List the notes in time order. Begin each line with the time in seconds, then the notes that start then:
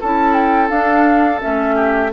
0.00 C#4 E4 A4 A5
0.33 G5
0.69 D4 F5
1.40 A3 C#4 E5
1.75 G4